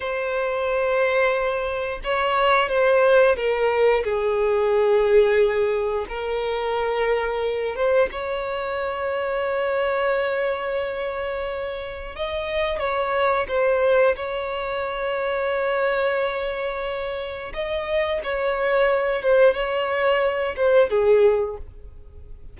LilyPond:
\new Staff \with { instrumentName = "violin" } { \time 4/4 \tempo 4 = 89 c''2. cis''4 | c''4 ais'4 gis'2~ | gis'4 ais'2~ ais'8 c''8 | cis''1~ |
cis''2 dis''4 cis''4 | c''4 cis''2.~ | cis''2 dis''4 cis''4~ | cis''8 c''8 cis''4. c''8 gis'4 | }